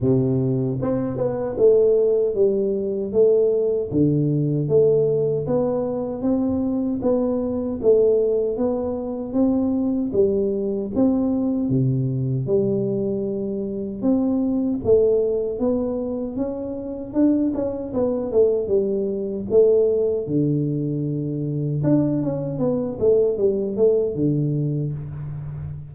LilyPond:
\new Staff \with { instrumentName = "tuba" } { \time 4/4 \tempo 4 = 77 c4 c'8 b8 a4 g4 | a4 d4 a4 b4 | c'4 b4 a4 b4 | c'4 g4 c'4 c4 |
g2 c'4 a4 | b4 cis'4 d'8 cis'8 b8 a8 | g4 a4 d2 | d'8 cis'8 b8 a8 g8 a8 d4 | }